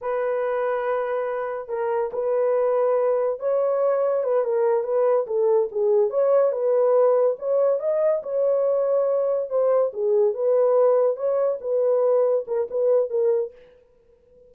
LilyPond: \new Staff \with { instrumentName = "horn" } { \time 4/4 \tempo 4 = 142 b'1 | ais'4 b'2. | cis''2 b'8 ais'4 b'8~ | b'8 a'4 gis'4 cis''4 b'8~ |
b'4. cis''4 dis''4 cis''8~ | cis''2~ cis''8 c''4 gis'8~ | gis'8 b'2 cis''4 b'8~ | b'4. ais'8 b'4 ais'4 | }